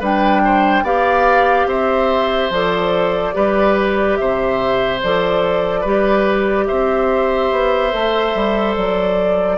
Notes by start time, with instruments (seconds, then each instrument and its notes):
0.00 bassoon G3, clarinet D4, oboe B4, flute G5
0.45 oboe C5
0.83 bassoon B3, clarinet G4, oboe D5, flute F5
1.66 bassoon C4, oboe C5, flute E5
2.50 bassoon F3, clarinet A4, flute D5
3.34 bassoon G3, clarinet G4, oboe B4
4.16 bassoon C3, oboe C5, flute E5
5.03 bassoon F3, clarinet A4, flute D5
5.81 bassoon G3, clarinet G4, oboe B4
6.66 bassoon C4, oboe C5, flute E5
7.52 bassoon B3
7.91 bassoon A3, clarinet A4
8.35 bassoon G3
8.76 bassoon F#3, flute D5